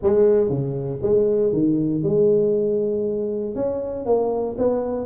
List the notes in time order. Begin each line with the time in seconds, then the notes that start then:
0.02 G#3
0.49 C#3
1.02 G#3
1.52 D#3
2.03 G#3
3.55 C#4
4.05 A#3
4.58 B3